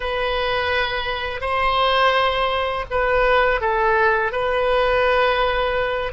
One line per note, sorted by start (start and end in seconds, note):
0.00 1.40 B4
1.40 2.85 C5
2.90 3.60 B4
3.60 4.32 A4
4.32 6.12 B4